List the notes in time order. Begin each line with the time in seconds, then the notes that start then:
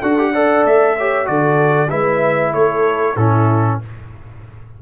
0.00 D4 F#4 A4 F#5
0.18 G4
0.32 A4 D5
0.66 A3 E5
0.98 G4 C#5
1.25 D3 F#4 A4 D5
1.90 G#3 E4 B4 E5
2.54 A3 A4 C#5
3.16 A2 C#4 E4 A4